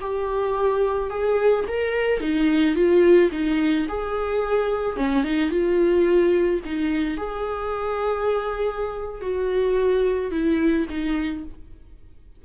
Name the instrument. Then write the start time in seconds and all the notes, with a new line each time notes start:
viola
0.00 G4
1.09 G#4
1.67 A#4
2.20 D#4
2.75 F4
3.31 D#4
3.88 G#4
4.96 C#4
5.23 D#4
5.50 F4
6.64 D#4
7.17 G#4
9.21 F#4
10.31 E4
10.89 D#4